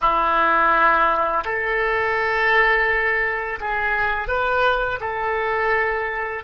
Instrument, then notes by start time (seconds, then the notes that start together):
oboe
0.01 E4
1.44 A4
3.60 G#4
4.28 B4
5.00 A4